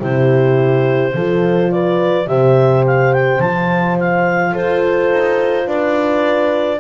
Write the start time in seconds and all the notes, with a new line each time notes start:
0.00 C3 E4 G4 C5
1.15 F3 F4 A4
1.72 B4 D5
2.27 C3 G4 C5 E5
2.87 F5
3.14 G5
3.40 F3 F4 A5
4.00 F5
4.52 F4 A4 C5
5.12 D#4
5.67 D4 B4 D5